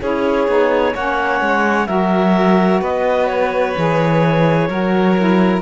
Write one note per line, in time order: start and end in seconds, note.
0.00 0.47 C#4
0.00 0.47 E4
0.00 0.94 G#4
0.00 0.95 C#5
0.47 0.94 B3
0.47 0.94 D#4
0.94 1.41 A#3
0.94 1.87 C#4
0.94 1.88 C#5
0.94 1.87 F#5
1.41 1.88 G#3
1.87 2.81 F#3
1.87 3.74 F#4
1.87 2.80 A#4
1.87 2.80 E5
2.80 3.75 B3
2.80 4.68 B4
2.80 3.27 D#5
3.27 5.61 C#5
3.77 4.69 E3
3.77 4.69 G#4
4.69 5.61 F#3
4.69 5.16 F#4
4.69 5.61 A#4
5.17 5.61 E4